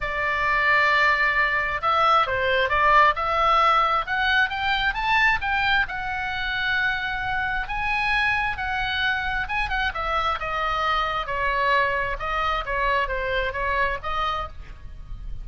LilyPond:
\new Staff \with { instrumentName = "oboe" } { \time 4/4 \tempo 4 = 133 d''1 | e''4 c''4 d''4 e''4~ | e''4 fis''4 g''4 a''4 | g''4 fis''2.~ |
fis''4 gis''2 fis''4~ | fis''4 gis''8 fis''8 e''4 dis''4~ | dis''4 cis''2 dis''4 | cis''4 c''4 cis''4 dis''4 | }